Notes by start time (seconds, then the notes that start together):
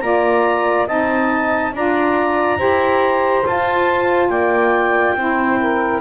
0.00 A#3 F4 D5 A#5
0.87 C4 D#4 D#5 A5
1.72 D4 F4 D5 A#5
2.57 E4 G4 C5
3.46 F4 A5
4.29 A#3 D5 G5
5.13 C4 E4 C5
5.59 A#4